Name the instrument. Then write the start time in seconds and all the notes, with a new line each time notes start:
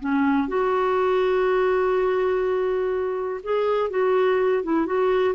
clarinet
0.00 C#4
0.48 F#4
3.43 G#4
3.90 F#4
4.63 E4
4.86 F#4